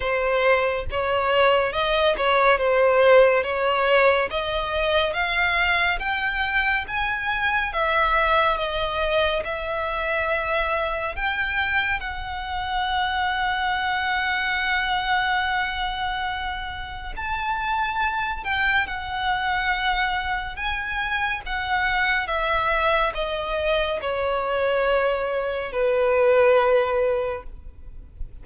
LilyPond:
\new Staff \with { instrumentName = "violin" } { \time 4/4 \tempo 4 = 70 c''4 cis''4 dis''8 cis''8 c''4 | cis''4 dis''4 f''4 g''4 | gis''4 e''4 dis''4 e''4~ | e''4 g''4 fis''2~ |
fis''1 | a''4. g''8 fis''2 | gis''4 fis''4 e''4 dis''4 | cis''2 b'2 | }